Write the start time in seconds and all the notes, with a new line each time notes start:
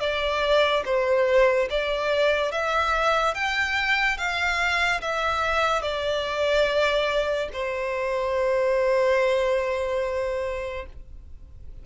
0.00 D5
0.85 C5
1.70 D5
2.52 E5
3.34 G5
4.18 F5
5.02 E5
5.82 D5
7.53 C5